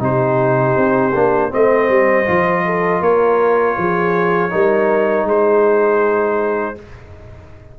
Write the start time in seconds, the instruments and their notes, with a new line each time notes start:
0.00 tuba C3, trombone D#4, horn G4, trumpet C5
0.77 tuba C4
1.15 tuba A#3, trombone D4
1.50 tuba A3, trombone C4, horn C5, trumpet D#5
1.90 tuba G3
2.26 tuba F3, trombone F4
2.66 horn A4
3.01 tuba A#3, horn A#4, trumpet C#5
3.78 tuba F3, horn G#4
4.51 tuba G3, trombone D#4, horn A#4
5.24 tuba G#3, horn G#4, trumpet C5